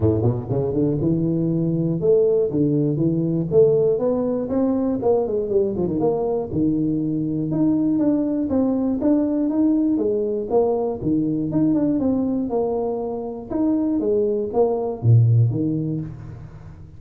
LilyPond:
\new Staff \with { instrumentName = "tuba" } { \time 4/4 \tempo 4 = 120 a,8 b,8 cis8 d8 e2 | a4 d4 e4 a4 | b4 c'4 ais8 gis8 g8 f16 dis16 | ais4 dis2 dis'4 |
d'4 c'4 d'4 dis'4 | gis4 ais4 dis4 dis'8 d'8 | c'4 ais2 dis'4 | gis4 ais4 ais,4 dis4 | }